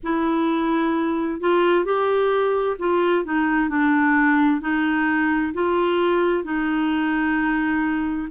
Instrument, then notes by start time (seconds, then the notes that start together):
clarinet
0.03 E4
1.40 F4
1.84 G4
2.79 F4
3.24 D#4
3.69 D4
4.61 D#4
5.53 F4
6.44 D#4